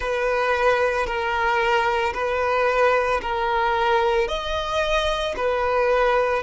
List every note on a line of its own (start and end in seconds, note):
0.00 1.06 B4
1.06 2.13 A#4
2.13 3.20 B4
3.21 4.28 A#4
4.28 5.35 D#5
5.36 6.42 B4